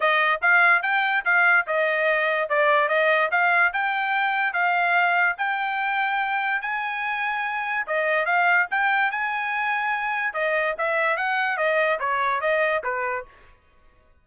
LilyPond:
\new Staff \with { instrumentName = "trumpet" } { \time 4/4 \tempo 4 = 145 dis''4 f''4 g''4 f''4 | dis''2 d''4 dis''4 | f''4 g''2 f''4~ | f''4 g''2. |
gis''2. dis''4 | f''4 g''4 gis''2~ | gis''4 dis''4 e''4 fis''4 | dis''4 cis''4 dis''4 b'4 | }